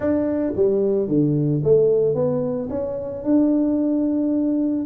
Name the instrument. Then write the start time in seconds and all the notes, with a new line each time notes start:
tuba
0.00 D4
0.56 G3
1.07 D3
1.63 A3
2.14 B3
2.70 C#4
3.24 D4